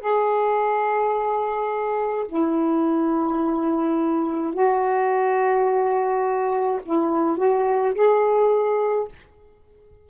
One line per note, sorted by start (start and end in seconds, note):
0.00 2.26 G#4
2.27 4.53 E4
4.53 6.80 F#4
6.85 7.37 E4
7.37 7.94 F#4
7.95 9.08 G#4